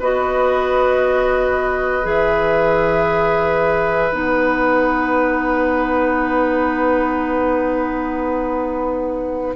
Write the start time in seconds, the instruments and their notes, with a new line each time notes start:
0.00 bassoon B3, clarinet F#4, oboe B4, flute D#5
2.03 bassoon E3, clarinet G#4, flute E5
4.12 bassoon B3, clarinet D#4, flute F#5